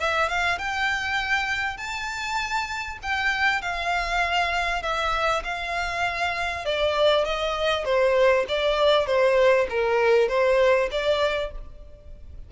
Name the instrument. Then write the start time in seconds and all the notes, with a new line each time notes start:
violin
0.00 E5
0.28 F5
0.58 G5
1.77 A5
3.02 G5
3.61 F5
4.82 E5
5.44 F5
6.65 D5
7.25 D#5
7.85 C5
8.48 D5
9.06 C5
9.69 A#4
10.28 C5
10.91 D5